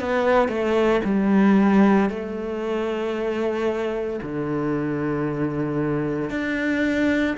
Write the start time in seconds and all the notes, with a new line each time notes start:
0.00 B3
0.48 A3
1.04 G3
2.10 A3
4.22 D3
6.30 D4